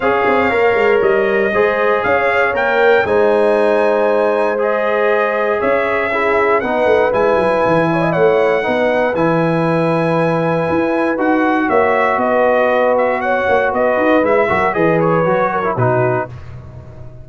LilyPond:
<<
  \new Staff \with { instrumentName = "trumpet" } { \time 4/4 \tempo 4 = 118 f''2 dis''2 | f''4 g''4 gis''2~ | gis''4 dis''2 e''4~ | e''4 fis''4 gis''2 |
fis''2 gis''2~ | gis''2 fis''4 e''4 | dis''4. e''8 fis''4 dis''4 | e''4 dis''8 cis''4. b'4 | }
  \new Staff \with { instrumentName = "horn" } { \time 4/4 cis''2. c''4 | cis''2 c''2~ | c''2. cis''4 | gis'4 b'2~ b'8 cis''16 dis''16 |
cis''4 b'2.~ | b'2. cis''4 | b'2 cis''4 b'4~ | b'8 ais'8 b'4. ais'8 fis'4 | }
  \new Staff \with { instrumentName = "trombone" } { \time 4/4 gis'4 ais'2 gis'4~ | gis'4 ais'4 dis'2~ | dis'4 gis'2. | e'4 dis'4 e'2~ |
e'4 dis'4 e'2~ | e'2 fis'2~ | fis'1 | e'8 fis'8 gis'4 fis'8. e'16 dis'4 | }
  \new Staff \with { instrumentName = "tuba" } { \time 4/4 cis'8 c'8 ais8 gis8 g4 gis4 | cis'4 ais4 gis2~ | gis2. cis'4~ | cis'4 b8 a8 gis8 fis8 e4 |
a4 b4 e2~ | e4 e'4 dis'4 ais4 | b2~ b8 ais8 b8 dis'8 | gis8 fis8 e4 fis4 b,4 | }
>>